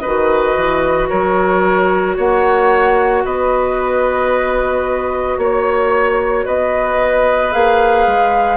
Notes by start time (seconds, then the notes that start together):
0.00 D#3 F#4 B4 D#5
0.56 E3
1.09 F#3 A#4 C#5
2.16 A#3 C#5 F#5
3.25 B3 B4 D#5
5.37 A#3 C#5
6.45 B3 B4 D#5
7.52 A#3 G#4 F5
8.07 G#3